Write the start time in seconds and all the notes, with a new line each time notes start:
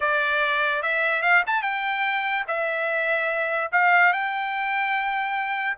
0.00 D5
0.82 E5
1.22 F5
1.46 A5
1.62 G5
2.47 E5
3.72 F5
4.12 G5